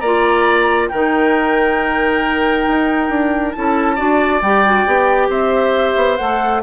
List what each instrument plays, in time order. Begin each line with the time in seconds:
0.00 bassoon A#3, clarinet F4, oboe D5, flute A#5
0.88 bassoon D#3, clarinet D#4, oboe A#4, flute G5
2.67 bassoon D#4
3.09 bassoon D4
3.52 bassoon C#4, clarinet E4, oboe A4, flute A5
3.96 bassoon D4, clarinet F#4, oboe D5
4.42 bassoon G3, clarinet G4, flute G5
4.66 clarinet F#4
4.86 bassoon B3, clarinet G4
5.29 bassoon C4, oboe C5, flute E5
5.96 bassoon B3
6.17 bassoon A3, clarinet A4, flute F#5